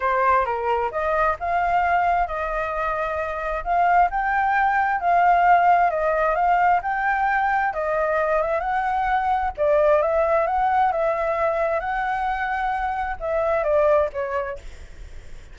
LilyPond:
\new Staff \with { instrumentName = "flute" } { \time 4/4 \tempo 4 = 132 c''4 ais'4 dis''4 f''4~ | f''4 dis''2. | f''4 g''2 f''4~ | f''4 dis''4 f''4 g''4~ |
g''4 dis''4. e''8 fis''4~ | fis''4 d''4 e''4 fis''4 | e''2 fis''2~ | fis''4 e''4 d''4 cis''4 | }